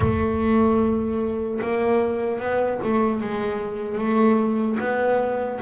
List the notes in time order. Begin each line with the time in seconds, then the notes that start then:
0.00 A3
1.61 A#3
2.39 B3
2.83 A3
3.20 G#3
3.97 A3
4.79 B3